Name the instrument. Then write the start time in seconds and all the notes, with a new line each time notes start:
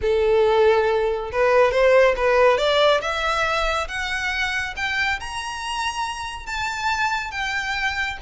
violin
0.01 A4
1.32 B4
1.71 C5
2.16 B4
2.57 D5
3.01 E5
3.88 F#5
4.76 G5
5.20 A#5
6.46 A5
7.31 G5